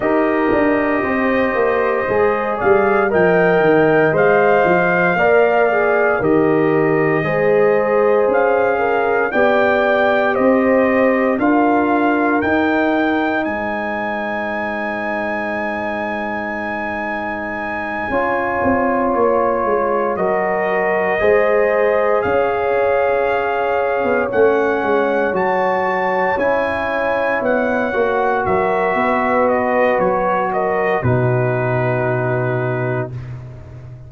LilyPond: <<
  \new Staff \with { instrumentName = "trumpet" } { \time 4/4 \tempo 4 = 58 dis''2~ dis''8 f''8 g''4 | f''2 dis''2 | f''4 g''4 dis''4 f''4 | g''4 gis''2.~ |
gis''2~ gis''8 cis''4 dis''8~ | dis''4. f''2 fis''8~ | fis''8 a''4 gis''4 fis''4 e''8~ | e''8 dis''8 cis''8 dis''8 b'2 | }
  \new Staff \with { instrumentName = "horn" } { \time 4/4 ais'4 c''4. d''8 dis''4~ | dis''4 d''4 ais'4 c''4~ | c''8 ais'8 d''4 c''4 ais'4~ | ais'4 c''2.~ |
c''4. cis''2 ais'8~ | ais'8 c''4 cis''2~ cis''8~ | cis''2.~ cis''8 ais'8 | b'4. ais'8 fis'2 | }
  \new Staff \with { instrumentName = "trombone" } { \time 4/4 g'2 gis'4 ais'4 | c''4 ais'8 gis'8 g'4 gis'4~ | gis'4 g'2 f'4 | dis'1~ |
dis'4. f'2 fis'8~ | fis'8 gis'2. cis'8~ | cis'8 fis'4 e'4. fis'4~ | fis'2 dis'2 | }
  \new Staff \with { instrumentName = "tuba" } { \time 4/4 dis'8 d'8 c'8 ais8 gis8 g8 f8 dis8 | gis8 f8 ais4 dis4 gis4 | cis'4 b4 c'4 d'4 | dis'4 gis2.~ |
gis4. cis'8 c'8 ais8 gis8 fis8~ | fis8 gis4 cis'4.~ cis'16 b16 a8 | gis8 fis4 cis'4 b8 ais8 fis8 | b4 fis4 b,2 | }
>>